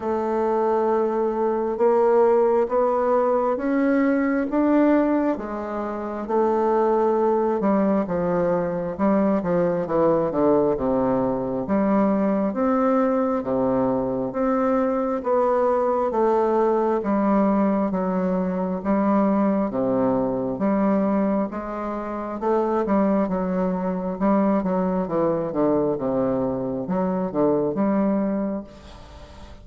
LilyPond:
\new Staff \with { instrumentName = "bassoon" } { \time 4/4 \tempo 4 = 67 a2 ais4 b4 | cis'4 d'4 gis4 a4~ | a8 g8 f4 g8 f8 e8 d8 | c4 g4 c'4 c4 |
c'4 b4 a4 g4 | fis4 g4 c4 g4 | gis4 a8 g8 fis4 g8 fis8 | e8 d8 c4 fis8 d8 g4 | }